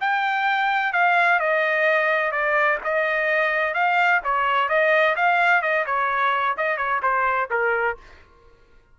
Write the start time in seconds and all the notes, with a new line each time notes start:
0.00 G5
0.93 F5
1.40 D#5
2.31 D5
2.84 D#5
3.74 F5
4.24 C#5
4.69 D#5
5.16 F5
5.62 D#5
5.86 C#5
6.57 D#5
6.77 C#5
7.02 C5
7.50 A#4